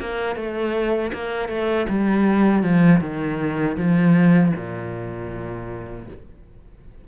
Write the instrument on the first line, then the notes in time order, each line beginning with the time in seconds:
cello
0.00 A#3
0.36 A3
1.13 A#3
1.49 A3
1.89 G3
2.63 F3
3.01 D#3
3.77 F3
4.56 A#2